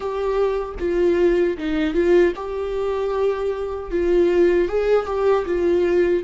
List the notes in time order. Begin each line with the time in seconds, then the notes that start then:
0.00 G4
0.79 F4
1.57 D#4
1.93 F4
2.35 G4
3.91 F4
4.68 G#4
5.06 G4
5.45 F4